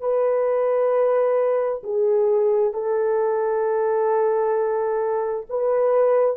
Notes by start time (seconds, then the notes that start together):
0.00 B4
1.83 G#4
2.73 A4
5.49 B4